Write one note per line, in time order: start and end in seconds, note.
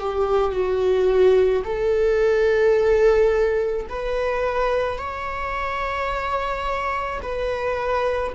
0.00 0.52 G4
0.52 1.63 F#4
1.65 3.87 A4
3.89 4.98 B4
4.98 7.21 C#5
7.22 8.33 B4